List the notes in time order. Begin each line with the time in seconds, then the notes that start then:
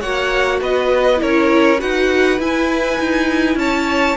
0.00 A#3 F#4 C#5 F#5
0.61 B3 B4 D#5
1.17 C#4 E4 A#4 C#5
1.79 D#4 F#4 B4 F#5
2.39 E4 G#5
2.99 D#4
3.55 C#4 C#5 A5